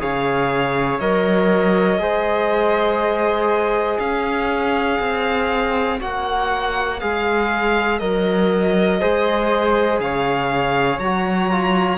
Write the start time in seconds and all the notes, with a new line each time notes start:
0.00 C#3 G#4 C#5 F5
1.00 F#3 A#4 D#5
1.99 G#3 G#4 C5
4.00 C#4 C#5 F5
5.00 C4
6.00 A#3 F#4 F#5
7.00 G#3 G#4 F5
7.99 F#3 A#4 D#5
9.00 G#3 G#4 C5
10.00 C#3 C#5 F5
10.99 F#3 F#4 A#5
11.51 F4